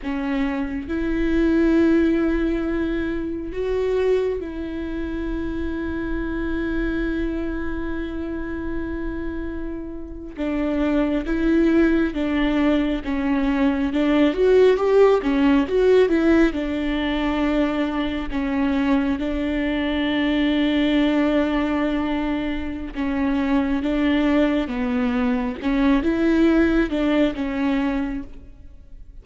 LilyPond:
\new Staff \with { instrumentName = "viola" } { \time 4/4 \tempo 4 = 68 cis'4 e'2. | fis'4 e'2.~ | e'2.~ e'8. d'16~ | d'8. e'4 d'4 cis'4 d'16~ |
d'16 fis'8 g'8 cis'8 fis'8 e'8 d'4~ d'16~ | d'8. cis'4 d'2~ d'16~ | d'2 cis'4 d'4 | b4 cis'8 e'4 d'8 cis'4 | }